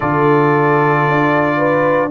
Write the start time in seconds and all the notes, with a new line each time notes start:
0.00 D3 F4 A4 D5
1.06 D4
1.57 B4